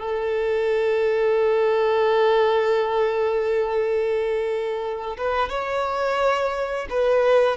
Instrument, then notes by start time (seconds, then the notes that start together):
violin
0.00 A4
5.18 B4
5.50 C#5
6.90 B4